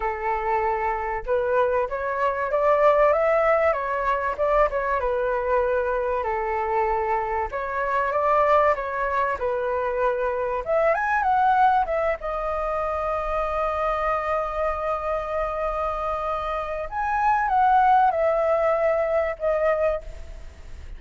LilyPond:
\new Staff \with { instrumentName = "flute" } { \time 4/4 \tempo 4 = 96 a'2 b'4 cis''4 | d''4 e''4 cis''4 d''8 cis''8 | b'2 a'2 | cis''4 d''4 cis''4 b'4~ |
b'4 e''8 gis''8 fis''4 e''8 dis''8~ | dis''1~ | dis''2. gis''4 | fis''4 e''2 dis''4 | }